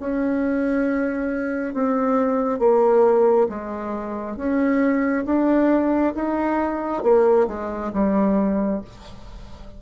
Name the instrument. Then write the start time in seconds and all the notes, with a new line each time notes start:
bassoon
0.00 C#4
1.74 C4
2.59 A#3
3.49 G#3
4.37 C#4
5.26 D4
6.15 D#4
7.03 A#3
7.48 G#3
7.93 G3